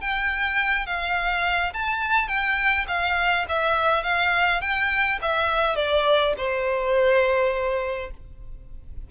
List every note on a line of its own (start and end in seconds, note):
0.00 0.86 G5
0.86 1.73 F5
1.73 2.27 A5
2.27 2.85 G5
2.88 3.45 F5
3.49 4.03 E5
4.03 4.61 F5
4.61 5.18 G5
5.22 5.76 E5
5.76 6.33 D5
6.37 8.10 C5